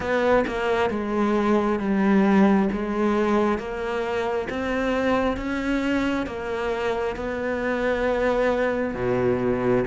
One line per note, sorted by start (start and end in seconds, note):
0.00 0.44 B3
0.47 0.90 A#3
0.90 1.79 G#3
1.79 2.68 G3
2.72 3.58 G#3
3.58 4.48 A#3
4.49 5.36 C4
5.36 6.26 C#4
6.26 7.16 A#3
7.16 8.94 B3
8.94 9.83 B2